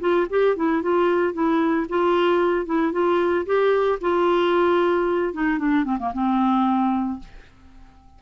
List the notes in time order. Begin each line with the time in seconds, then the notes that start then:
0.00 F4
0.30 G4
0.56 E4
0.82 F4
1.33 E4
1.89 F4
2.65 E4
2.92 F4
3.45 G4
4.01 F4
5.33 D#4
5.58 D4
5.84 C4
5.99 A#3
6.13 C4